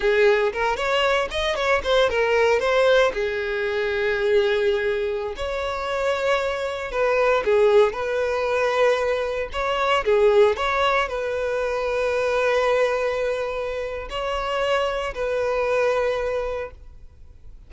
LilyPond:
\new Staff \with { instrumentName = "violin" } { \time 4/4 \tempo 4 = 115 gis'4 ais'8 cis''4 dis''8 cis''8 c''8 | ais'4 c''4 gis'2~ | gis'2~ gis'16 cis''4.~ cis''16~ | cis''4~ cis''16 b'4 gis'4 b'8.~ |
b'2~ b'16 cis''4 gis'8.~ | gis'16 cis''4 b'2~ b'8.~ | b'2. cis''4~ | cis''4 b'2. | }